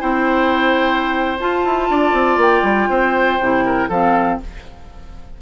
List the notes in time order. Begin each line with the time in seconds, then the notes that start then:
0.00 C4 E4 C5 G5
1.40 F4 A5
1.65 E4
1.90 D4 D5
2.14 C4
2.37 A#3 G5
2.63 G3
2.90 C4 C5
3.41 C3 E4
3.66 A#4
3.89 F3 C4 A4 F5